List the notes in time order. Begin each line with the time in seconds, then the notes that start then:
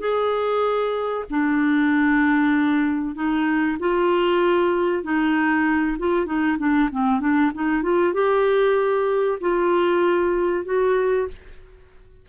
0.00 G#4
1.31 D4
3.15 D#4
3.80 F4
5.04 D#4
5.99 F4
6.26 D#4
6.59 D4
6.92 C4
7.20 D4
7.55 D#4
7.83 F4
8.14 G4
9.41 F4
10.66 F#4